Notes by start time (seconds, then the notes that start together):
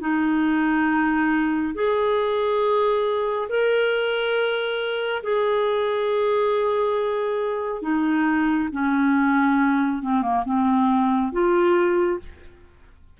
0.00 D#4
1.74 G#4
3.49 A#4
5.23 G#4
7.82 D#4
8.72 C#4
10.02 C4
10.22 A#3
10.45 C4
11.32 F4